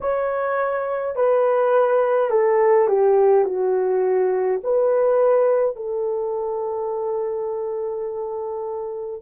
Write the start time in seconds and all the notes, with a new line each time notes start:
0.00 C#5
1.15 B4
2.30 A4
2.88 G4
3.45 F#4
4.63 B4
5.76 A4